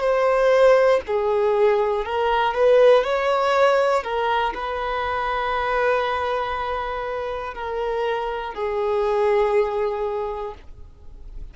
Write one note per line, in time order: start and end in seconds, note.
0.00 1.00 C5
1.07 2.05 G#4
2.05 2.54 A#4
2.54 3.04 B4
3.04 4.03 C#5
4.03 4.53 A#4
4.54 7.54 B4
7.54 8.54 A#4
8.54 10.54 G#4